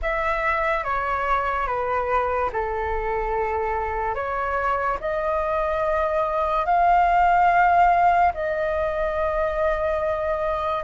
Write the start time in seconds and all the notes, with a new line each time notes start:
0.02 E5
0.84 C#5
1.66 B4
2.52 A4
4.14 C#5
5.00 D#5
6.65 F5
8.34 D#5